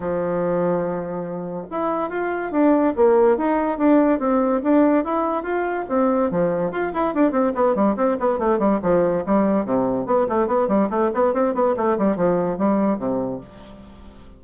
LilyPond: \new Staff \with { instrumentName = "bassoon" } { \time 4/4 \tempo 4 = 143 f1 | e'4 f'4 d'4 ais4 | dis'4 d'4 c'4 d'4 | e'4 f'4 c'4 f4 |
f'8 e'8 d'8 c'8 b8 g8 c'8 b8 | a8 g8 f4 g4 c4 | b8 a8 b8 g8 a8 b8 c'8 b8 | a8 g8 f4 g4 c4 | }